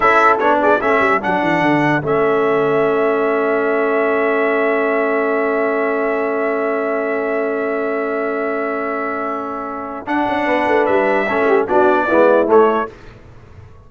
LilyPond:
<<
  \new Staff \with { instrumentName = "trumpet" } { \time 4/4 \tempo 4 = 149 e''4 cis''8 d''8 e''4 fis''4~ | fis''4 e''2.~ | e''1~ | e''1~ |
e''1~ | e''1~ | e''4 fis''2 e''4~ | e''4 d''2 cis''4 | }
  \new Staff \with { instrumentName = "horn" } { \time 4/4 a'4. gis'8 a'2~ | a'1~ | a'1~ | a'1~ |
a'1~ | a'1~ | a'2 b'2 | a'8 g'8 fis'4 e'2 | }
  \new Staff \with { instrumentName = "trombone" } { \time 4/4 e'4 d'4 cis'4 d'4~ | d'4 cis'2.~ | cis'1~ | cis'1~ |
cis'1~ | cis'1~ | cis'4 d'2. | cis'4 d'4 b4 a4 | }
  \new Staff \with { instrumentName = "tuba" } { \time 4/4 cis'4 b4 a8 g8 fis8 e8 | d4 a2.~ | a1~ | a1~ |
a1~ | a1~ | a4 d'8 cis'8 b8 a8 g4 | a4 b4 gis4 a4 | }
>>